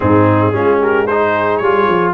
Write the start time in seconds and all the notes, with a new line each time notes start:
0.00 G#2 C4 D#4 G#4
0.52 G#3 C#4 F4
0.80 G4 A#4
1.06 D#4 G#4 C5
1.57 G3 C#5
1.63 F4
1.88 F3